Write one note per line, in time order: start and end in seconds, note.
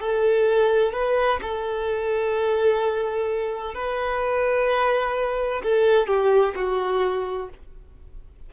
0.00 0.92 A4
0.92 1.39 B4
1.41 3.74 A4
3.74 5.62 B4
5.63 6.07 A4
6.07 6.54 G4
6.55 7.49 F#4